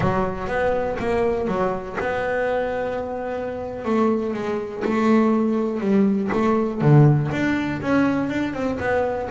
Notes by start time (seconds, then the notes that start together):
0.00 F#3
0.47 B3
0.99 A#3
1.47 F#3
2.00 B3
3.85 A3
4.33 G#3
4.84 A3
5.80 G3
6.32 A3
6.81 D3
7.31 D4
7.81 C#4
8.29 D4
8.53 C4
8.79 B3